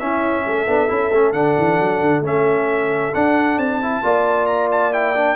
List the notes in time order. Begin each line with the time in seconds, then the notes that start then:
0.00 C#4 E4 E5
0.46 A3 A4
0.67 B3 D4
0.89 C#4 E4
1.11 A3 C#4
1.33 D3 D4 F#5
1.57 E3
1.80 F#3
2.01 D3
2.21 A3 C#4 E5
3.15 D4 F#5
3.58 C4 A5
3.82 E4
4.04 A#3 F4 D5
4.46 A#5
4.72 A5
4.93 E4 G5
5.16 D4